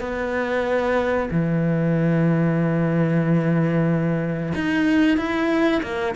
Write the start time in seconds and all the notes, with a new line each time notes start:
0.00 B3
1.31 E3
4.55 D#4
5.17 E4
5.83 A#3